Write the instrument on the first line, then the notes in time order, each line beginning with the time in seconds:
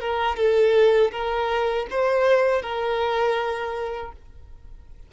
violin
0.00 A#4
0.36 A4
1.11 A#4
1.90 C5
2.62 A#4